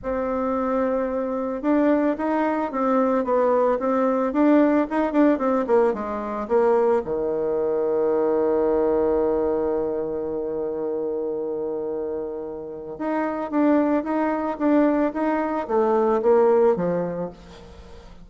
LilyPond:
\new Staff \with { instrumentName = "bassoon" } { \time 4/4 \tempo 4 = 111 c'2. d'4 | dis'4 c'4 b4 c'4 | d'4 dis'8 d'8 c'8 ais8 gis4 | ais4 dis2.~ |
dis1~ | dis1 | dis'4 d'4 dis'4 d'4 | dis'4 a4 ais4 f4 | }